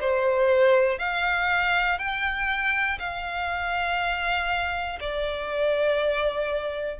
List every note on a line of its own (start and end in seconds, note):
0.00 0.98 C5
0.98 1.98 F5
1.98 2.98 G5
2.99 4.99 F5
5.00 6.99 D5